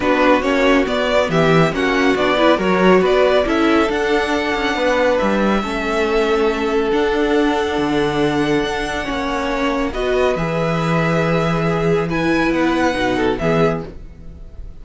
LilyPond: <<
  \new Staff \with { instrumentName = "violin" } { \time 4/4 \tempo 4 = 139 b'4 cis''4 d''4 e''4 | fis''4 d''4 cis''4 d''4 | e''4 fis''2. | e''1 |
fis''1~ | fis''2. dis''4 | e''1 | gis''4 fis''2 e''4 | }
  \new Staff \with { instrumentName = "violin" } { \time 4/4 fis'2. g'4 | fis'4. b'8 ais'4 b'4 | a'2. b'4~ | b'4 a'2.~ |
a'1~ | a'4 cis''2 b'4~ | b'2. gis'4 | b'2~ b'8 a'8 gis'4 | }
  \new Staff \with { instrumentName = "viola" } { \time 4/4 d'4 cis'4 b2 | cis'4 d'8 e'8 fis'2 | e'4 d'2.~ | d'4 cis'2. |
d'1~ | d'4 cis'2 fis'4 | gis'1 | e'2 dis'4 b4 | }
  \new Staff \with { instrumentName = "cello" } { \time 4/4 b4 ais4 b4 e4 | ais4 b4 fis4 b4 | cis'4 d'4. cis'8 b4 | g4 a2. |
d'2 d2 | d'4 ais2 b4 | e1~ | e4 b4 b,4 e4 | }
>>